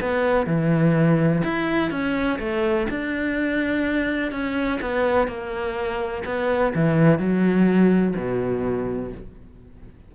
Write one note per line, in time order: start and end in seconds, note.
0.00 0.46 B3
0.46 1.42 E3
1.43 1.90 E4
1.90 2.38 C#4
2.39 2.87 A3
2.90 4.31 D4
4.31 4.79 C#4
4.81 5.27 B3
5.27 6.23 A#3
6.25 6.73 B3
6.74 7.18 E3
7.18 8.14 F#3
8.16 9.12 B2